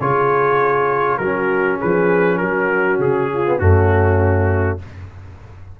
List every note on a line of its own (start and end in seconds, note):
0.00 1.19 C#3
0.00 1.21 F4
0.00 1.20 G#4
0.00 1.18 C#5
1.18 1.79 F#3
1.18 3.46 C#4
1.18 1.78 F#4
1.18 1.78 A#4
1.78 2.42 F3
1.78 2.38 G#4
1.78 2.38 B4
2.38 2.99 F#3
2.38 3.31 F#4
2.38 2.98 A#4
2.99 3.59 C#3
2.99 3.59 G#4
3.33 3.60 F4
3.46 3.59 B3
3.59 4.80 F#2
3.59 4.79 A3
3.59 4.80 C#4
3.59 4.79 F#4